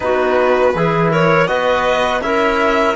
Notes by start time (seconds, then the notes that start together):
0.00 B3 D#4 F#4 B4
0.75 E3 E4 G#4
1.10 A#4 C#5
1.47 B3 F#4 B4 D#5
2.21 C#4 E4 A#4 E5